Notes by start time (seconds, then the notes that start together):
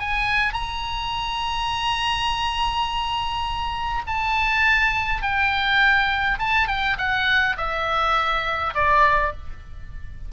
0.00 G#5
0.54 A#5
4.08 A5
5.22 G5
6.39 A5
6.68 G5
6.99 F#5
7.58 E5
8.75 D5